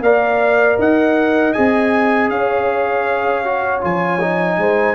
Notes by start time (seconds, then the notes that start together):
0.00 A#3 A#4 D5 F5
0.78 D#4 D#5 F#5
1.53 C4 G#4 G#5
2.29 C#4 C#5 F5
3.44 F#4
3.81 F3 F4 G#5
4.21 D#4
4.58 G#3 C5